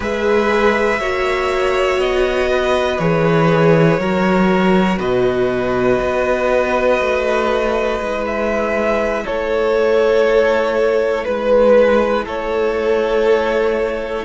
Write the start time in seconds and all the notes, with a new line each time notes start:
0.00 G#3 G#4 B4 E5
0.99 A#3 F#4 C#5
1.98 B3 D#5
2.50 B4
2.99 E3 G#4 C#5
3.98 F#3 F#4 A#4
4.98 B2 B4 D#5
6.01 B3
7.00 A3
7.99 G#3 E4
8.26 E5
9.24 A3 A4 C#5
11.24 G#3 B4
12.24 A3 A4 C#5